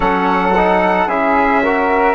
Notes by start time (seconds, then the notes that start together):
0.00 F#3 C#4 A4 F#5
0.56 D#4
1.07 C#4 E4 G#4 E5
1.63 F#4 A#4